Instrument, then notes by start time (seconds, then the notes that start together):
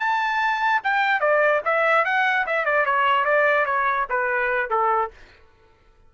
trumpet
0.00 A5
0.84 G5
1.21 D5
1.65 E5
2.05 F#5
2.47 E5
2.65 D5
2.86 C#5
3.25 D5
3.66 C#5
4.10 B4
4.70 A4